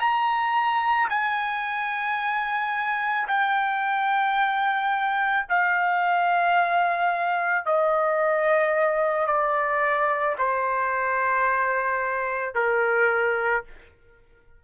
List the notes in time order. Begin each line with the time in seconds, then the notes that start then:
0.00 A#5
1.10 G#5
3.28 G5
5.49 F5
7.66 D#5
9.27 D5
10.39 C5
12.55 A#4